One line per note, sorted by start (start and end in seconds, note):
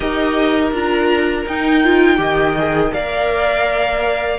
0.00 0.72 D#4
0.00 0.73 G4
0.00 2.18 A#4
0.00 0.71 D#5
0.72 1.45 D4
0.72 1.46 F4
0.72 1.47 A#5
1.46 2.18 D#4
1.46 1.84 D#4
1.46 2.93 G5
1.84 2.17 F4
2.17 2.91 D#3
2.17 2.54 G4
2.17 2.93 D#5
2.58 2.92 G#4
2.92 4.38 A#3
2.92 4.38 A#4
2.92 4.38 D5
2.92 4.38 F5